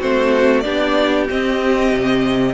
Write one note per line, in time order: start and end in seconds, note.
0.00 0.65 A3
0.00 0.64 C4
0.00 0.64 F#4
0.00 0.60 C5
0.60 1.29 B3
0.60 1.28 D4
0.60 2.54 G4
0.60 1.24 D5
1.30 2.54 C4
1.30 1.92 C4
1.30 2.54 D#5
1.92 2.54 C3